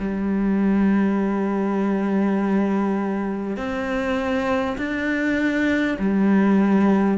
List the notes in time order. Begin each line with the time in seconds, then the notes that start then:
0.00 G3
3.57 C4
4.78 D4
5.99 G3